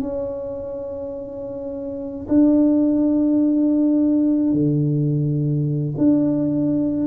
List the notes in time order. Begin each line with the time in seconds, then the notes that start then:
0.00 C#4
2.28 D4
4.52 D3
5.97 D4